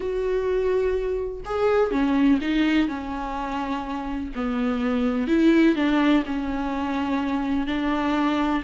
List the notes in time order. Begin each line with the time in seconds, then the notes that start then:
0.00 F#4
1.45 G#4
1.91 C#4
2.41 D#4
2.88 C#4
4.35 B3
5.27 E4
5.75 D4
6.26 C#4
7.67 D4